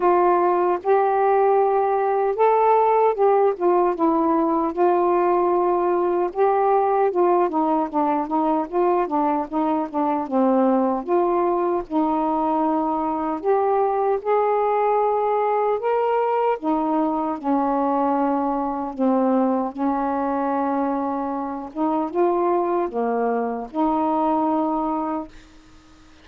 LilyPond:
\new Staff \with { instrumentName = "saxophone" } { \time 4/4 \tempo 4 = 76 f'4 g'2 a'4 | g'8 f'8 e'4 f'2 | g'4 f'8 dis'8 d'8 dis'8 f'8 d'8 | dis'8 d'8 c'4 f'4 dis'4~ |
dis'4 g'4 gis'2 | ais'4 dis'4 cis'2 | c'4 cis'2~ cis'8 dis'8 | f'4 ais4 dis'2 | }